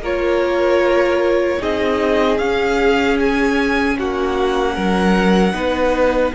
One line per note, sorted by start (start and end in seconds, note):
0.00 1.58 A#3
0.00 1.59 F4
0.00 1.60 A#4
0.00 1.63 C#5
1.59 2.39 C4
1.59 2.38 D#4
1.59 3.97 G#4
1.59 2.38 D#5
2.38 5.53 C#4
2.38 3.97 C#4
2.38 3.17 F5
3.20 3.99 G#5
3.99 4.77 A#3
3.99 4.74 F#4
3.99 6.35 F#5
4.74 5.53 F#3
4.74 5.53 A#4
5.53 6.32 B3
5.53 6.32 D#4
5.53 6.34 B4